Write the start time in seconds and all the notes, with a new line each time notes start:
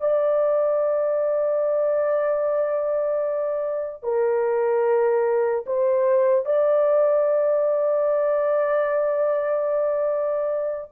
0.00 D5
4.02 A#4
5.66 C5
6.45 D5